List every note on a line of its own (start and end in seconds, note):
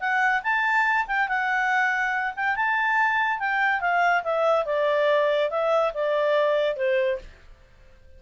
0.00 0.42 F#5
0.43 1.06 A5
1.07 1.28 G5
1.28 2.34 F#5
2.36 2.56 G5
2.56 3.40 A5
3.40 3.81 G5
3.81 4.23 F5
4.23 4.66 E5
4.66 5.50 D5
5.50 5.93 E5
5.94 6.76 D5
6.76 7.19 C5